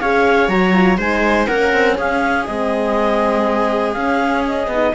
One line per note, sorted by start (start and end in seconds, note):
0.00 0.48 C#4
0.00 0.50 G#4
0.00 0.98 C#5
0.00 0.49 F5
0.48 0.98 F#3
0.48 0.74 F#4
0.48 0.98 A#5
0.74 0.98 F4
0.98 1.48 G#3
0.98 1.49 D#4
0.98 1.47 C5
0.98 1.47 G#5
1.47 1.74 A#3
1.47 2.48 C#4
1.47 1.97 A#4
1.47 1.97 F#5
1.74 1.98 C4
1.98 2.48 C#4
1.98 4.95 G#4
1.98 2.46 F5
2.46 3.96 G#3
2.46 3.96 C4
2.46 3.93 D#5
3.93 4.67 C#4
3.93 4.71 C#4
3.93 4.43 F5
4.47 4.95 D#5
4.67 4.92 B3
4.74 4.95 D#4